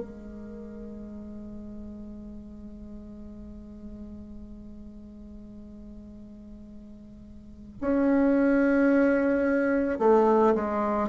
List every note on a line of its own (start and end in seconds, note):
0.00 7.78 G#3
7.80 9.98 C#4
9.98 10.54 A3
10.55 11.09 G#3